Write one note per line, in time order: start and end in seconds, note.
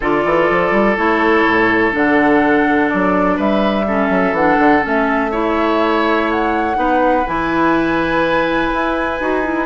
0.00 0.24 D3
0.00 0.97 F4
0.00 3.36 A4
0.00 0.96 D5
0.24 0.49 E3
0.50 0.71 F3
0.71 0.95 G3
0.96 1.44 A3
0.96 1.91 E4
0.96 1.93 C#5
1.44 1.93 A2
1.91 2.91 D3
1.91 3.85 D4
1.91 2.89 F#5
2.89 3.37 F#3
2.89 3.37 D5
3.36 4.09 G3
3.36 3.84 B4
3.36 4.35 E5
3.87 4.35 C#4
3.87 5.31 A4
4.09 4.32 F#3
4.32 4.56 E3
4.32 4.81 D4
4.32 4.83 F#5
4.58 4.83 D3
4.81 6.76 A3
4.81 5.30 C#4
4.88 6.30 E5
5.31 6.74 E4
5.31 6.76 C#5
6.30 7.27 F#5
6.74 7.25 B3
6.74 7.23 D#4
6.74 9.66 B4
7.26 8.72 E3
7.26 9.20 E4
7.26 9.66 G#5
8.73 9.20 E4
9.20 9.66 D#4
9.20 9.43 F#4
9.43 9.66 E4